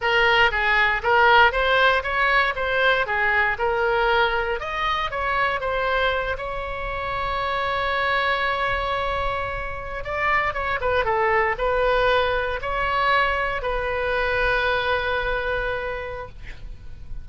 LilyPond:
\new Staff \with { instrumentName = "oboe" } { \time 4/4 \tempo 4 = 118 ais'4 gis'4 ais'4 c''4 | cis''4 c''4 gis'4 ais'4~ | ais'4 dis''4 cis''4 c''4~ | c''8 cis''2.~ cis''8~ |
cis''2.~ cis''8. d''16~ | d''8. cis''8 b'8 a'4 b'4~ b'16~ | b'8. cis''2 b'4~ b'16~ | b'1 | }